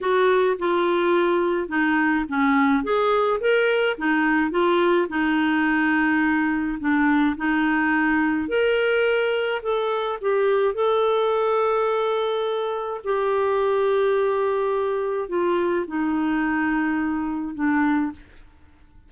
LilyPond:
\new Staff \with { instrumentName = "clarinet" } { \time 4/4 \tempo 4 = 106 fis'4 f'2 dis'4 | cis'4 gis'4 ais'4 dis'4 | f'4 dis'2. | d'4 dis'2 ais'4~ |
ais'4 a'4 g'4 a'4~ | a'2. g'4~ | g'2. f'4 | dis'2. d'4 | }